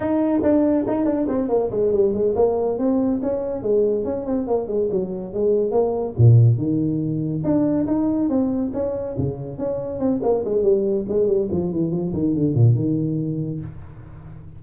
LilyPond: \new Staff \with { instrumentName = "tuba" } { \time 4/4 \tempo 4 = 141 dis'4 d'4 dis'8 d'8 c'8 ais8 | gis8 g8 gis8 ais4 c'4 cis'8~ | cis'8 gis4 cis'8 c'8 ais8 gis8 fis8~ | fis8 gis4 ais4 ais,4 dis8~ |
dis4. d'4 dis'4 c'8~ | c'8 cis'4 cis4 cis'4 c'8 | ais8 gis8 g4 gis8 g8 f8 e8 | f8 dis8 d8 ais,8 dis2 | }